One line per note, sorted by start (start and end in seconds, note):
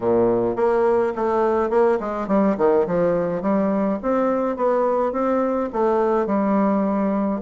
0.00 0.56 A#2
0.56 1.13 A#3
1.15 1.70 A3
1.70 1.98 A#3
2.00 2.27 G#3
2.27 2.56 G3
2.57 2.86 D#3
2.86 3.41 F3
3.41 3.98 G3
4.02 4.56 C4
4.56 5.12 B3
5.12 5.69 C4
5.72 6.26 A3
6.26 7.41 G3